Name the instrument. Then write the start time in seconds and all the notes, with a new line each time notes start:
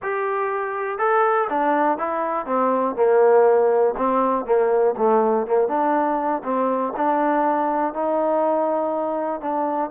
trombone
0.02 G4
0.98 A4
1.49 D4
1.98 E4
2.46 C4
2.95 A#3
3.97 C4
4.45 A#3
4.97 A3
5.47 A#3
5.68 D4
6.43 C4
6.96 D4
7.93 D#4
9.41 D4